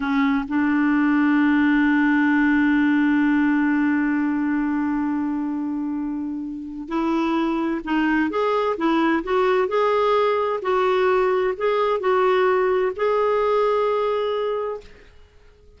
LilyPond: \new Staff \with { instrumentName = "clarinet" } { \time 4/4 \tempo 4 = 130 cis'4 d'2.~ | d'1~ | d'1~ | d'2. e'4~ |
e'4 dis'4 gis'4 e'4 | fis'4 gis'2 fis'4~ | fis'4 gis'4 fis'2 | gis'1 | }